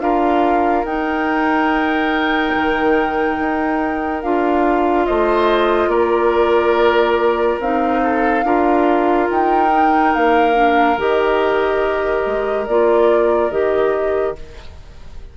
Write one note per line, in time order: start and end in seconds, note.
0.00 0.84 D4
0.00 0.85 F4
0.00 5.06 A#4
0.00 0.85 F5
0.84 2.53 D#4
0.84 4.23 D#4
0.84 4.23 G5
2.55 3.39 D#3
3.39 4.23 D#4
4.23 5.08 D4
4.23 7.61 F4
4.23 5.06 F5
5.06 5.88 A3
5.06 5.90 C5
5.06 5.89 D#5
5.88 7.57 A#3
5.88 8.01 A#4
5.88 7.58 D5
7.60 8.44 C4
7.60 8.45 D#4
7.60 9.30 F5
8.03 8.45 A4
8.44 9.29 D4
8.44 9.69 F4
8.44 14.37 A#4
9.30 10.15 D#4
9.30 10.14 G5
9.69 10.53 D#4
10.14 10.97 A#3
10.14 10.99 F5
10.54 10.96 D4
10.97 12.24 D#3
10.97 12.67 G4
10.97 12.67 D#5
12.26 12.68 G#3
12.67 13.51 A#3
12.67 13.51 F4
12.67 13.51 D5
13.51 14.35 D#3
13.51 14.35 G4
13.51 14.36 D#5